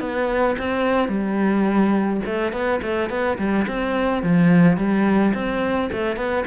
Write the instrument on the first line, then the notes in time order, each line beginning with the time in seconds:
cello
0.00 B3
0.58 C4
1.09 G3
2.26 A3
2.53 B3
2.82 A3
3.09 B3
3.38 G3
3.68 C4
4.23 F3
4.77 G3
5.34 C4
5.92 A3
6.17 B3